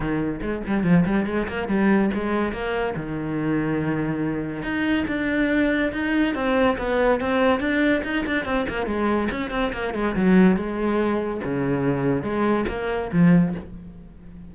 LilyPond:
\new Staff \with { instrumentName = "cello" } { \time 4/4 \tempo 4 = 142 dis4 gis8 g8 f8 g8 gis8 ais8 | g4 gis4 ais4 dis4~ | dis2. dis'4 | d'2 dis'4 c'4 |
b4 c'4 d'4 dis'8 d'8 | c'8 ais8 gis4 cis'8 c'8 ais8 gis8 | fis4 gis2 cis4~ | cis4 gis4 ais4 f4 | }